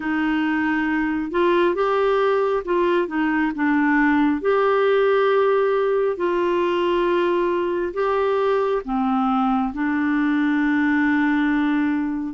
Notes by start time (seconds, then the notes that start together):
0.00 D#4
1.31 F4
1.74 G4
2.65 F4
3.07 D#4
3.55 D4
4.41 G4
6.16 F4
7.93 G4
8.85 C4
9.73 D4